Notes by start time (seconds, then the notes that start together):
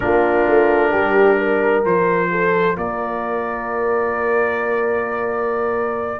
0.00 A#3 D4 F4 A#4
0.48 A3
0.90 G3 G4
1.37 A#4
1.84 F3 F4 C5
2.30 A4
2.77 A#3 A#4 D5